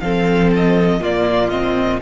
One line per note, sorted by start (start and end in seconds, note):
0.00 1.00 F3
0.00 1.00 C4
0.00 1.00 A4
0.00 0.50 F5
0.55 1.03 D#5
1.00 2.00 A#2
1.00 1.50 A#3
1.00 2.00 F4
1.00 1.49 D5
1.49 2.01 C4
1.49 1.99 D#5